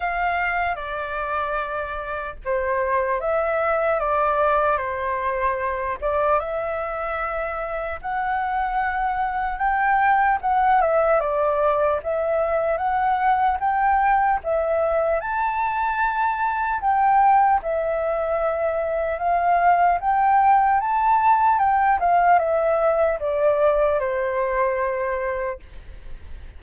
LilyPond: \new Staff \with { instrumentName = "flute" } { \time 4/4 \tempo 4 = 75 f''4 d''2 c''4 | e''4 d''4 c''4. d''8 | e''2 fis''2 | g''4 fis''8 e''8 d''4 e''4 |
fis''4 g''4 e''4 a''4~ | a''4 g''4 e''2 | f''4 g''4 a''4 g''8 f''8 | e''4 d''4 c''2 | }